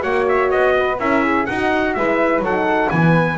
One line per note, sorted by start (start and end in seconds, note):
0.00 0.52 A#3
0.00 0.96 F#4
0.00 0.75 C#5
0.00 0.27 F#5
0.29 0.51 E5
0.51 0.99 B3
0.51 0.99 D#5
0.79 1.00 B4
0.99 1.47 C#4
0.99 1.48 E4
0.99 1.24 A#4
0.99 1.46 E5
1.24 1.48 G#4
1.46 1.96 D#4
1.46 1.97 D#4
1.46 1.98 F#4
1.46 1.94 F#5
1.94 2.39 G#3
1.94 2.45 E4
1.94 2.44 B4
1.94 2.42 E5
2.39 2.87 F#3
2.39 2.90 A4
2.39 2.91 F#5
2.46 2.92 D#4
2.90 3.38 E3
2.90 3.38 B3
2.90 3.38 B4
2.90 3.38 G#5